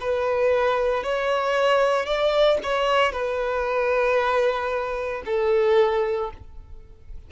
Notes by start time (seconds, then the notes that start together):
0.00 B4
1.03 C#5
2.06 D5
2.63 C#5
3.12 B4
5.25 A4